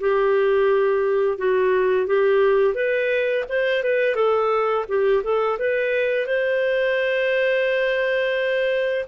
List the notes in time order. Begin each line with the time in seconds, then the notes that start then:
0.00 G4
1.38 F#4
2.06 G4
2.74 B4
3.49 C5
3.83 B4
4.15 A4
4.88 G4
5.24 A4
5.59 B4
6.26 C5